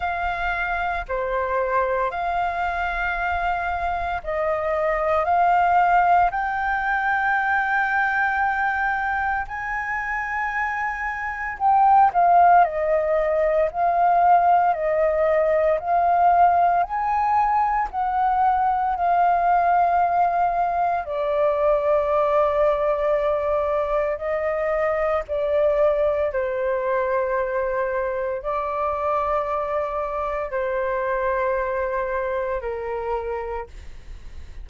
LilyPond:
\new Staff \with { instrumentName = "flute" } { \time 4/4 \tempo 4 = 57 f''4 c''4 f''2 | dis''4 f''4 g''2~ | g''4 gis''2 g''8 f''8 | dis''4 f''4 dis''4 f''4 |
gis''4 fis''4 f''2 | d''2. dis''4 | d''4 c''2 d''4~ | d''4 c''2 ais'4 | }